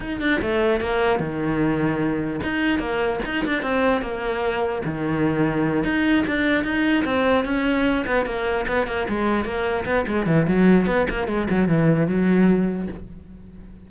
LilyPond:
\new Staff \with { instrumentName = "cello" } { \time 4/4 \tempo 4 = 149 dis'8 d'8 a4 ais4 dis4~ | dis2 dis'4 ais4 | dis'8 d'8 c'4 ais2 | dis2~ dis8 dis'4 d'8~ |
d'8 dis'4 c'4 cis'4. | b8 ais4 b8 ais8 gis4 ais8~ | ais8 b8 gis8 e8 fis4 b8 ais8 | gis8 fis8 e4 fis2 | }